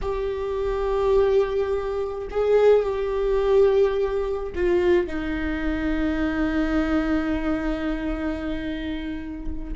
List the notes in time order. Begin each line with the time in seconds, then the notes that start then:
0.01 G4
2.30 G#4
2.83 G4
4.55 F4
5.06 D#4